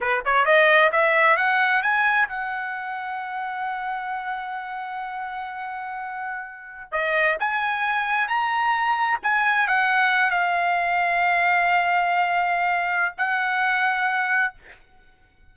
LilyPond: \new Staff \with { instrumentName = "trumpet" } { \time 4/4 \tempo 4 = 132 b'8 cis''8 dis''4 e''4 fis''4 | gis''4 fis''2.~ | fis''1~ | fis''2.~ fis''16 dis''8.~ |
dis''16 gis''2 ais''4.~ ais''16~ | ais''16 gis''4 fis''4. f''4~ f''16~ | f''1~ | f''4 fis''2. | }